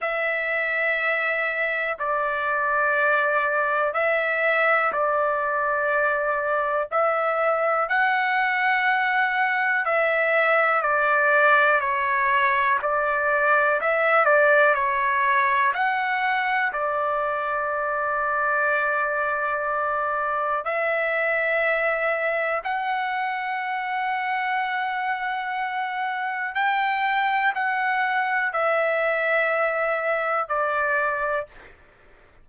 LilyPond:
\new Staff \with { instrumentName = "trumpet" } { \time 4/4 \tempo 4 = 61 e''2 d''2 | e''4 d''2 e''4 | fis''2 e''4 d''4 | cis''4 d''4 e''8 d''8 cis''4 |
fis''4 d''2.~ | d''4 e''2 fis''4~ | fis''2. g''4 | fis''4 e''2 d''4 | }